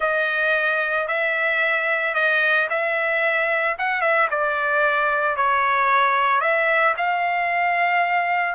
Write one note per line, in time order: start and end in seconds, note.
0.00 1.07 D#5
1.07 2.14 E5
2.14 2.68 D#5
2.69 3.76 E5
3.78 4.01 F#5
4.01 4.27 E5
4.30 5.36 D5
5.36 6.40 C#5
6.40 6.94 E5
6.97 8.55 F5